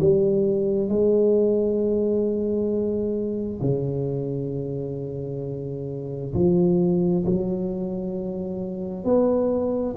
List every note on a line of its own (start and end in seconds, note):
0.00 0.88 G3
0.88 3.61 G#3
3.61 6.33 C#3
6.34 7.25 F3
7.26 9.04 F#3
9.04 9.95 B3